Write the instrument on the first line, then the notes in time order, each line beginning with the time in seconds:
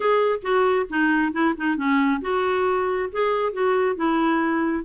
clarinet
0.00 G#4
0.42 F#4
0.89 D#4
1.32 E4
1.57 D#4
1.76 C#4
2.21 F#4
3.11 G#4
3.52 F#4
3.96 E4